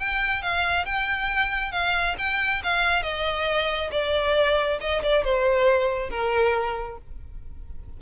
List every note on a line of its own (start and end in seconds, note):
0.00 0.43 G5
0.43 0.86 F5
0.86 1.72 G5
1.72 2.16 F5
2.19 2.63 G5
2.64 3.03 F5
3.03 3.91 D#5
3.92 4.79 D5
4.81 5.03 D#5
5.03 5.25 D5
5.25 6.10 C5
6.10 6.98 A#4